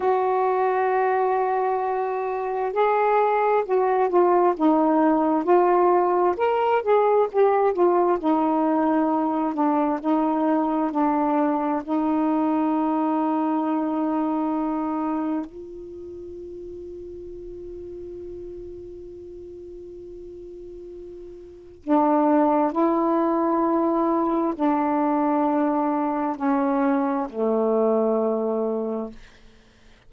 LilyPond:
\new Staff \with { instrumentName = "saxophone" } { \time 4/4 \tempo 4 = 66 fis'2. gis'4 | fis'8 f'8 dis'4 f'4 ais'8 gis'8 | g'8 f'8 dis'4. d'8 dis'4 | d'4 dis'2.~ |
dis'4 f'2.~ | f'1 | d'4 e'2 d'4~ | d'4 cis'4 a2 | }